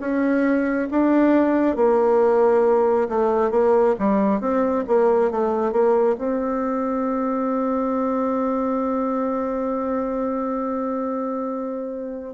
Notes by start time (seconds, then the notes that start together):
0.00 C#4
0.91 D4
1.76 A#3
3.08 A3
3.51 A#3
3.99 G3
4.40 C4
4.87 A#3
5.31 A3
5.72 A#3
6.18 C4